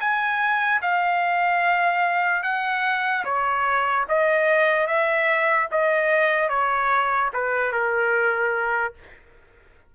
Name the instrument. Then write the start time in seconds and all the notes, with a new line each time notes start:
trumpet
0.00 G#5
0.82 F5
2.43 F#5
3.25 C#5
4.09 D#5
4.87 E5
5.72 D#5
6.49 C#5
7.33 B4
7.72 A#4